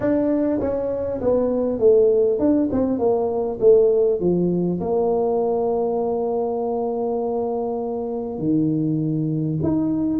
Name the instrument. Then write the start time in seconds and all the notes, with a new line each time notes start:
tuba
0.00 D4
0.60 C#4
1.20 B3
1.79 A3
2.39 D4
2.72 C4
2.98 A#3
3.60 A3
4.20 F3
4.80 A#3
8.38 D#3
9.62 D#4